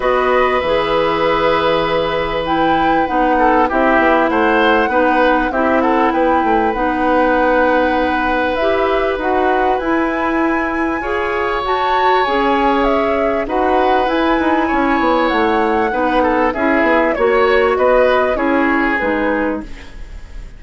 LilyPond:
<<
  \new Staff \with { instrumentName = "flute" } { \time 4/4 \tempo 4 = 98 dis''4 e''2. | g''4 fis''4 e''4 fis''4~ | fis''4 e''8 fis''8 g''4 fis''4~ | fis''2 e''4 fis''4 |
gis''2. a''4 | gis''4 e''4 fis''4 gis''4~ | gis''4 fis''2 e''4 | cis''4 dis''4 cis''4 b'4 | }
  \new Staff \with { instrumentName = "oboe" } { \time 4/4 b'1~ | b'4. a'8 g'4 c''4 | b'4 g'8 a'8 b'2~ | b'1~ |
b'2 cis''2~ | cis''2 b'2 | cis''2 b'8 a'8 gis'4 | cis''4 b'4 gis'2 | }
  \new Staff \with { instrumentName = "clarinet" } { \time 4/4 fis'4 gis'2. | e'4 dis'4 e'2 | dis'4 e'2 dis'4~ | dis'2 g'4 fis'4 |
e'2 gis'4 fis'4 | gis'2 fis'4 e'4~ | e'2 dis'4 e'4 | fis'2 e'4 dis'4 | }
  \new Staff \with { instrumentName = "bassoon" } { \time 4/4 b4 e2.~ | e4 b4 c'8 b8 a4 | b4 c'4 b8 a8 b4~ | b2 e'4 dis'4 |
e'2 f'4 fis'4 | cis'2 dis'4 e'8 dis'8 | cis'8 b8 a4 b4 cis'8 b8 | ais4 b4 cis'4 gis4 | }
>>